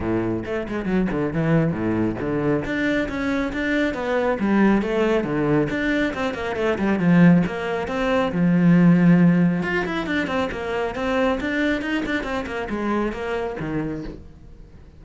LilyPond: \new Staff \with { instrumentName = "cello" } { \time 4/4 \tempo 4 = 137 a,4 a8 gis8 fis8 d8 e4 | a,4 d4 d'4 cis'4 | d'4 b4 g4 a4 | d4 d'4 c'8 ais8 a8 g8 |
f4 ais4 c'4 f4~ | f2 f'8 e'8 d'8 c'8 | ais4 c'4 d'4 dis'8 d'8 | c'8 ais8 gis4 ais4 dis4 | }